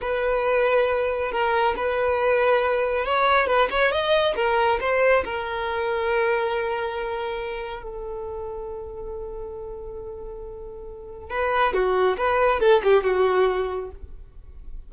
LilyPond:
\new Staff \with { instrumentName = "violin" } { \time 4/4 \tempo 4 = 138 b'2. ais'4 | b'2. cis''4 | b'8 cis''8 dis''4 ais'4 c''4 | ais'1~ |
ais'2 a'2~ | a'1~ | a'2 b'4 fis'4 | b'4 a'8 g'8 fis'2 | }